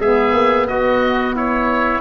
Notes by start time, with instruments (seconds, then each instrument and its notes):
0.00 tuba G#3, saxophone B3, trumpet G#4, oboe E5
0.33 tuba A#3
0.66 tuba B3, trumpet F#4, oboe D#5
1.36 trumpet E4, oboe C#5